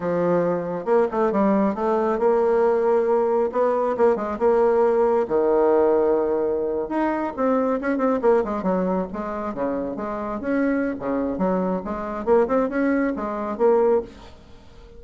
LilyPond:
\new Staff \with { instrumentName = "bassoon" } { \time 4/4 \tempo 4 = 137 f2 ais8 a8 g4 | a4 ais2. | b4 ais8 gis8 ais2 | dis2.~ dis8. dis'16~ |
dis'8. c'4 cis'8 c'8 ais8 gis8 fis16~ | fis8. gis4 cis4 gis4 cis'16~ | cis'4 cis4 fis4 gis4 | ais8 c'8 cis'4 gis4 ais4 | }